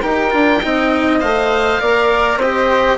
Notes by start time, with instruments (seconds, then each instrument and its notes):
0.00 bassoon D#4, cello G4, flute A#4, oboe G5
0.30 bassoon D4, cello F4
0.62 bassoon C4, cello D#4, flute D#5
1.19 bassoon A3, cello C5, oboe F5
1.80 bassoon A#3, cello A#4, flute D5
2.37 bassoon C4, cello G4, flute C5, oboe D#5